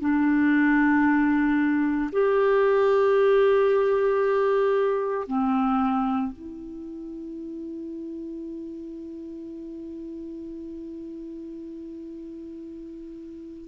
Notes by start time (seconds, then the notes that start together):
0.00 D4
2.12 G4
5.27 C4
6.33 E4